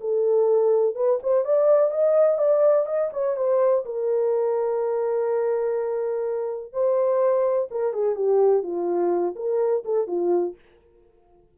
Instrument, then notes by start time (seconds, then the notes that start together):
horn
0.00 A4
0.95 B4
1.22 C5
1.44 D5
1.90 D#5
2.38 D5
2.86 D#5
3.12 C#5
3.36 C5
3.85 A#4
6.72 C5
7.70 A#4
7.93 G#4
8.15 G4
8.62 F4
9.35 A#4
9.84 A4
10.07 F4